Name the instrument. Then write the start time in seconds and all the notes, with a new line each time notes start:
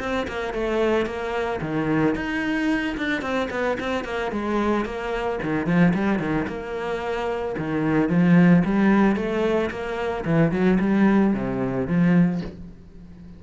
cello
0.00 C4
0.28 A#3
0.54 A3
1.06 A#3
1.61 D#3
2.15 D#4
2.97 D4
3.22 C4
3.51 B3
3.80 C4
4.04 A#3
4.32 G#3
4.85 A#3
5.43 D#3
5.66 F3
5.94 G3
6.19 D#3
6.48 A#3
7.58 D#3
8.09 F3
8.65 G3
9.16 A3
9.71 A#3
10.25 E3
10.52 F#3
10.80 G3
11.34 C3
11.87 F3